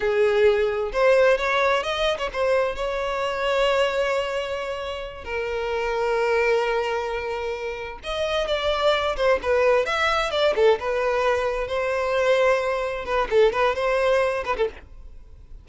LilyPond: \new Staff \with { instrumentName = "violin" } { \time 4/4 \tempo 4 = 131 gis'2 c''4 cis''4 | dis''8. cis''16 c''4 cis''2~ | cis''2.~ cis''8 ais'8~ | ais'1~ |
ais'4. dis''4 d''4. | c''8 b'4 e''4 d''8 a'8 b'8~ | b'4. c''2~ c''8~ | c''8 b'8 a'8 b'8 c''4. b'16 a'16 | }